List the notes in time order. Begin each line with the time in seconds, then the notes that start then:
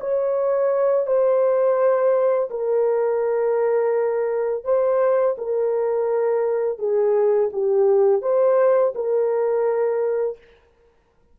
0.00 C#5
1.06 C5
2.50 A#4
4.64 C5
5.38 A#4
6.79 G#4
7.53 G4
8.22 C5
8.95 A#4